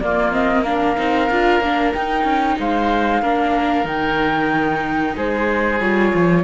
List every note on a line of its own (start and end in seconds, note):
0.00 0.97 A#3
0.00 0.32 A#3
0.00 0.62 F4
0.00 0.32 D5
0.32 0.64 C4
0.32 0.63 D#5
0.62 0.97 D4
0.62 2.56 A#4
0.62 1.92 F5
0.97 1.30 C4
0.97 1.29 D#4
1.31 1.61 D4
1.31 1.64 F4
1.61 1.94 A#3
1.61 1.95 D4
1.94 3.23 D#4
1.94 2.25 D#4
1.94 2.59 G5
2.25 2.57 C#4
2.60 3.22 G#3
2.60 3.22 C5
2.60 3.87 F5
3.22 3.85 A#3
3.22 3.85 D4
3.22 5.16 A#4
3.85 5.14 D#3
3.85 5.79 D#4
3.85 5.16 G5
5.16 5.81 G#3
5.16 6.44 G#4
5.16 5.81 C5
5.81 6.13 G3
5.81 6.44 F4
5.81 6.44 C#5
6.14 6.44 F3